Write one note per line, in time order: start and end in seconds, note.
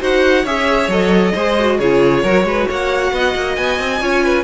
0.00 0.45 D#4
0.00 0.44 F#4
0.00 0.43 C5
0.00 0.46 F#5
0.43 0.88 C#4
0.43 0.90 G#4
0.43 1.32 C#5
0.43 0.90 E5
0.88 1.32 F#3
0.88 1.35 A4
0.88 1.79 D#5
1.34 1.79 G#3
1.34 1.59 G#4
1.34 1.78 C5
1.59 1.82 F#4
1.79 2.23 C#3
1.79 2.26 F4
1.79 2.23 G#4
1.79 2.68 C#5
2.23 2.43 F#3
2.23 4.00 F#4
2.23 2.45 A#4
2.43 2.66 G#3
2.43 2.68 B4
2.68 3.12 A#3
2.68 3.12 C#5
2.68 3.55 F#5
3.12 3.34 B3
3.12 4.01 D#5
3.35 3.57 A#3
3.55 3.79 B3
3.55 4.44 G#5
3.79 4.01 C4
4.00 4.44 C#4
4.00 4.44 F4
4.00 4.24 C#5
4.24 4.44 B4